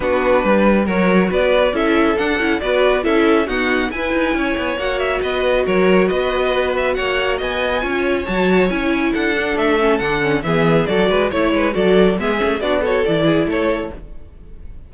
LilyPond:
<<
  \new Staff \with { instrumentName = "violin" } { \time 4/4 \tempo 4 = 138 b'2 cis''4 d''4 | e''4 fis''4 d''4 e''4 | fis''4 gis''2 fis''8 e''8 | dis''4 cis''4 dis''4. e''8 |
fis''4 gis''2 a''4 | gis''4 fis''4 e''4 fis''4 | e''4 d''4 cis''4 d''4 | e''4 d''8 cis''8 d''4 cis''4 | }
  \new Staff \with { instrumentName = "violin" } { \time 4/4 fis'4 b'4 ais'4 b'4 | a'2 b'4 a'4 | fis'4 b'4 cis''2 | b'4 ais'4 b'2 |
cis''4 dis''4 cis''2~ | cis''4 a'2. | gis'4 a'8 b'8 cis''8 b'8 a'4 | gis'4 fis'8 a'4 gis'8 a'4 | }
  \new Staff \with { instrumentName = "viola" } { \time 4/4 d'2 fis'2 | e'4 d'8 e'8 fis'4 e'4 | b4 e'2 fis'4~ | fis'1~ |
fis'2 f'4 fis'4 | e'4. d'4 cis'8 d'8 cis'8 | b4 fis'4 e'4 fis'4 | b8 cis'8 d'8 fis'8 e'2 | }
  \new Staff \with { instrumentName = "cello" } { \time 4/4 b4 g4 fis4 b4 | cis'4 d'8 cis'8 b4 cis'4 | dis'4 e'8 dis'8 cis'8 b8 ais4 | b4 fis4 b2 |
ais4 b4 cis'4 fis4 | cis'4 d'4 a4 d4 | e4 fis8 gis8 a8 gis8 fis4 | gis8 a8 b4 e4 a4 | }
>>